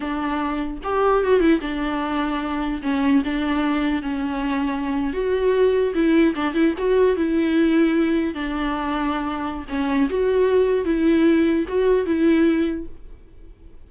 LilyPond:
\new Staff \with { instrumentName = "viola" } { \time 4/4 \tempo 4 = 149 d'2 g'4 fis'8 e'8 | d'2. cis'4 | d'2 cis'2~ | cis'8. fis'2 e'4 d'16~ |
d'16 e'8 fis'4 e'2~ e'16~ | e'8. d'2.~ d'16 | cis'4 fis'2 e'4~ | e'4 fis'4 e'2 | }